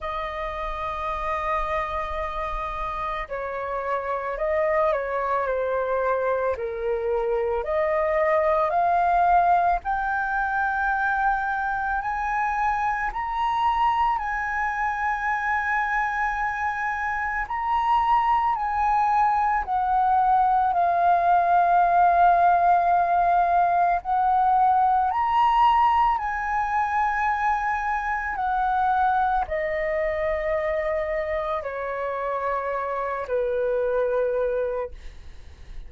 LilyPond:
\new Staff \with { instrumentName = "flute" } { \time 4/4 \tempo 4 = 55 dis''2. cis''4 | dis''8 cis''8 c''4 ais'4 dis''4 | f''4 g''2 gis''4 | ais''4 gis''2. |
ais''4 gis''4 fis''4 f''4~ | f''2 fis''4 ais''4 | gis''2 fis''4 dis''4~ | dis''4 cis''4. b'4. | }